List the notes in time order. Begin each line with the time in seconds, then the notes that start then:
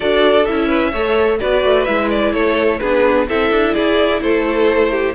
0.00 D4 F#4 A4 D5
0.45 C#4 E4 E5
0.67 B4
0.92 A3 A4 C#5
1.39 B3 F#4 B4 D5
1.64 A3
1.84 G#3 E4 E5
2.09 D5
2.32 A3 A4 C#5
2.79 B3 D4 G#4 B4
3.28 C4 E4 A4 E5
3.51 D4
3.74 E4 G#4 D5
4.21 A3 A4 C5
4.91 G4